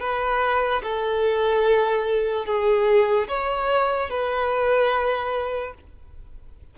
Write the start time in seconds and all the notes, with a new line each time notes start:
0.00 B4
0.83 A4
2.46 G#4
3.28 C#5
4.10 B4